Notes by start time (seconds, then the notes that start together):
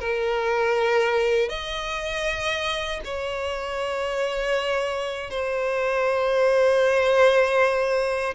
0.00 A#4
1.49 D#5
3.05 C#5
5.31 C5